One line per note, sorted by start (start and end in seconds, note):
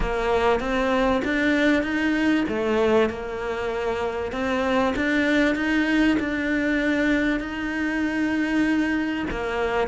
0.00 0.60 A#3
0.60 1.21 C4
1.24 1.82 D4
1.82 2.44 D#4
2.48 3.09 A3
3.09 4.32 A#3
4.32 4.93 C4
4.96 5.55 D4
5.55 6.17 D#4
6.19 7.40 D4
7.40 9.25 D#4
9.30 9.87 A#3